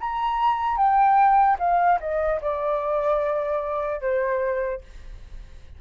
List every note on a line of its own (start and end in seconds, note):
0.00 0.77 A#5
0.77 1.57 G5
1.59 1.99 F5
2.00 2.40 D#5
2.41 4.01 D5
4.01 4.81 C5